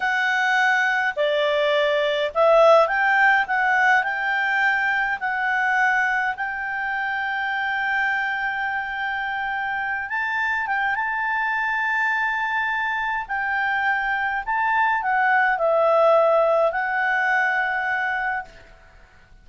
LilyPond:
\new Staff \with { instrumentName = "clarinet" } { \time 4/4 \tempo 4 = 104 fis''2 d''2 | e''4 g''4 fis''4 g''4~ | g''4 fis''2 g''4~ | g''1~ |
g''4. a''4 g''8 a''4~ | a''2. g''4~ | g''4 a''4 fis''4 e''4~ | e''4 fis''2. | }